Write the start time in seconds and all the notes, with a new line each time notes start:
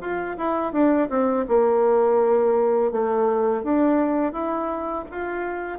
0.00 F4
0.37 E4
0.72 D4
1.09 C4
1.48 A#3
2.91 A3
3.63 D4
4.32 E4
5.11 F4